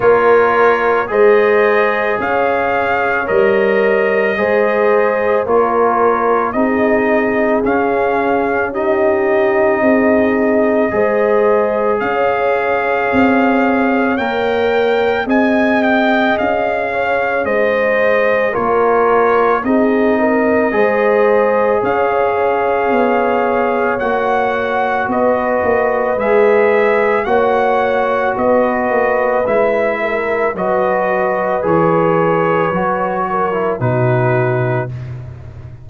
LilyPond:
<<
  \new Staff \with { instrumentName = "trumpet" } { \time 4/4 \tempo 4 = 55 cis''4 dis''4 f''4 dis''4~ | dis''4 cis''4 dis''4 f''4 | dis''2. f''4~ | f''4 g''4 gis''8 g''8 f''4 |
dis''4 cis''4 dis''2 | f''2 fis''4 dis''4 | e''4 fis''4 dis''4 e''4 | dis''4 cis''2 b'4 | }
  \new Staff \with { instrumentName = "horn" } { \time 4/4 ais'4 c''4 cis''2 | c''4 ais'4 gis'2 | g'4 gis'4 c''4 cis''4~ | cis''2 dis''4. cis''8 |
c''4 ais'4 gis'8 ais'8 c''4 | cis''2. b'4~ | b'4 cis''4 b'4. ais'8 | b'2~ b'8 ais'8 fis'4 | }
  \new Staff \with { instrumentName = "trombone" } { \time 4/4 f'4 gis'2 ais'4 | gis'4 f'4 dis'4 cis'4 | dis'2 gis'2~ | gis'4 ais'4 gis'2~ |
gis'4 f'4 dis'4 gis'4~ | gis'2 fis'2 | gis'4 fis'2 e'4 | fis'4 gis'4 fis'8. e'16 dis'4 | }
  \new Staff \with { instrumentName = "tuba" } { \time 4/4 ais4 gis4 cis'4 g4 | gis4 ais4 c'4 cis'4~ | cis'4 c'4 gis4 cis'4 | c'4 ais4 c'4 cis'4 |
gis4 ais4 c'4 gis4 | cis'4 b4 ais4 b8 ais8 | gis4 ais4 b8 ais8 gis4 | fis4 e4 fis4 b,4 | }
>>